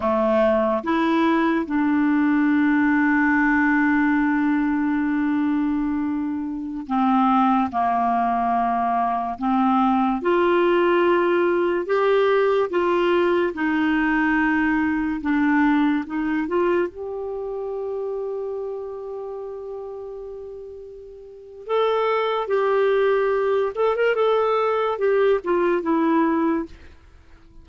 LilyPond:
\new Staff \with { instrumentName = "clarinet" } { \time 4/4 \tempo 4 = 72 a4 e'4 d'2~ | d'1~ | d'16 c'4 ais2 c'8.~ | c'16 f'2 g'4 f'8.~ |
f'16 dis'2 d'4 dis'8 f'16~ | f'16 g'2.~ g'8.~ | g'2 a'4 g'4~ | g'8 a'16 ais'16 a'4 g'8 f'8 e'4 | }